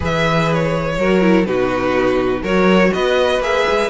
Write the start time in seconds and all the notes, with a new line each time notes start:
0.00 E3 G#4 B4 E5
0.53 C#5
0.97 F#3 F#4 A#4
1.21 E4
1.45 B2 D#4 F#4 B4
2.42 F#3 F#4 A#4 C#5
2.93 B3 B4 D#5
3.39 A#3 G#4 E5
3.70 G#3